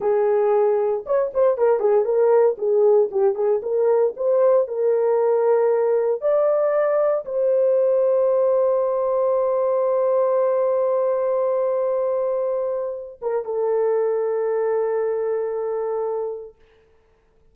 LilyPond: \new Staff \with { instrumentName = "horn" } { \time 4/4 \tempo 4 = 116 gis'2 cis''8 c''8 ais'8 gis'8 | ais'4 gis'4 g'8 gis'8 ais'4 | c''4 ais'2. | d''2 c''2~ |
c''1~ | c''1~ | c''4. ais'8 a'2~ | a'1 | }